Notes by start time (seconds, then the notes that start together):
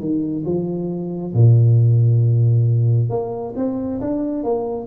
0.00 D#3
0.45 F3
1.34 A#2
3.10 A#3
3.56 C4
4.01 D4
4.43 A#3